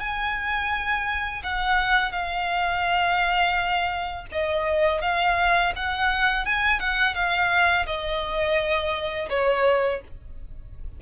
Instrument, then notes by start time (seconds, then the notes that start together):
violin
0.00 G#5
1.44 F#5
2.12 F5
4.32 D#5
5.02 F5
5.76 F#5
6.45 G#5
6.80 F#5
7.15 F5
7.86 D#5
9.30 C#5